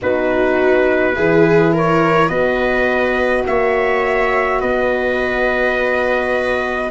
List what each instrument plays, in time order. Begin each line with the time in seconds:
0.01 tuba B3, horn D#4, viola F#4, trumpet B4
1.14 tuba E3, horn E4, viola G#4
1.72 viola A#4, trumpet C#5
2.28 tuba B3, horn F#4, viola B4, trumpet D#5
3.46 tuba A#3, viola C#5, trumpet E5
4.59 tuba B3, viola B4, trumpet D#5